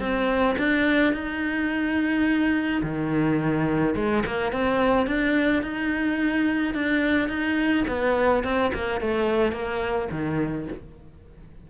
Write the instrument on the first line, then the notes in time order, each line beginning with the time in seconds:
cello
0.00 C4
0.59 D4
1.14 D#4
2.83 D#3
3.96 G#3
4.26 A#3
4.52 C4
5.07 D4
5.63 D#4
6.75 D4
7.29 D#4
7.88 B3
8.44 C4
8.74 A#3
9.01 A3
9.53 A#3
10.12 D#3